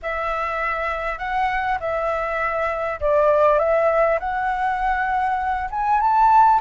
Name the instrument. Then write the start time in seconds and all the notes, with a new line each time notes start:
flute
0.02 E5
1.18 F#5
1.80 E5
3.00 D5
3.58 E5
4.19 F#5
5.70 G#5
6.00 A5